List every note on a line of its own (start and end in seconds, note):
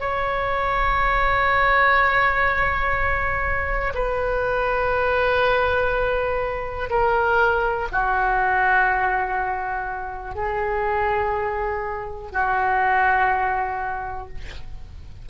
0.00 3.93 C#5
3.95 6.90 B4
6.90 7.89 A#4
7.92 10.35 F#4
10.35 12.32 G#4
12.32 14.29 F#4